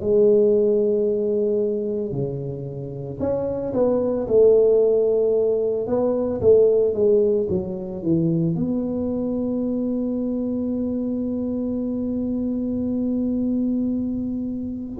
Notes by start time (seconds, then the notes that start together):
0.00 G#3
2.11 C#3
3.19 C#4
3.73 B3
4.27 A3
5.87 B3
6.40 A3
6.94 G#3
7.49 F#3
8.02 E3
8.55 B3